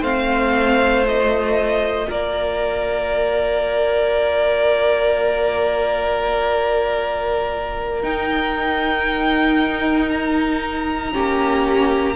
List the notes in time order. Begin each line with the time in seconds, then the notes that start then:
0.00 A3 C4 C5 F5
1.03 F4 D#5
2.08 A#3 A#4 D5
8.03 D#4 G5
10.10 A#5
11.12 A#3 C#4 G4